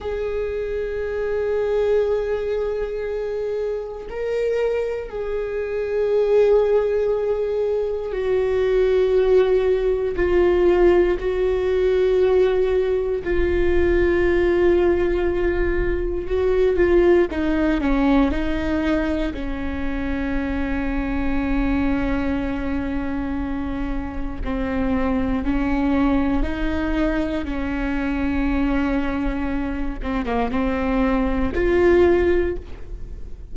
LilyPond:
\new Staff \with { instrumentName = "viola" } { \time 4/4 \tempo 4 = 59 gis'1 | ais'4 gis'2. | fis'2 f'4 fis'4~ | fis'4 f'2. |
fis'8 f'8 dis'8 cis'8 dis'4 cis'4~ | cis'1 | c'4 cis'4 dis'4 cis'4~ | cis'4. c'16 ais16 c'4 f'4 | }